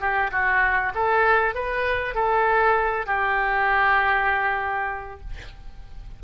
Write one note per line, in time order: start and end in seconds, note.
0.00 0.31 G4
0.31 0.92 F#4
0.94 1.54 A4
1.54 2.14 B4
2.14 3.06 A4
3.06 5.20 G4